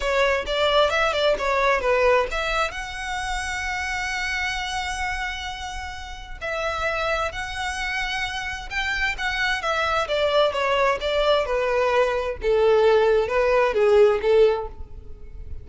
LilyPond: \new Staff \with { instrumentName = "violin" } { \time 4/4 \tempo 4 = 131 cis''4 d''4 e''8 d''8 cis''4 | b'4 e''4 fis''2~ | fis''1~ | fis''2 e''2 |
fis''2. g''4 | fis''4 e''4 d''4 cis''4 | d''4 b'2 a'4~ | a'4 b'4 gis'4 a'4 | }